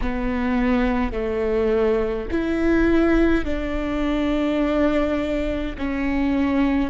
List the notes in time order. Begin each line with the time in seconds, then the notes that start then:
0.01 B3
1.12 A3
2.31 E4
3.45 D4
5.77 C#4